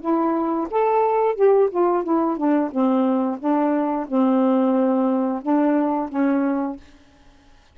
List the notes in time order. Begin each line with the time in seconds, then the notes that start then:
0.00 E4
0.70 A4
1.35 G4
1.70 F4
2.03 E4
2.37 D4
2.71 C4
3.39 D4
4.07 C4
5.42 D4
6.09 C#4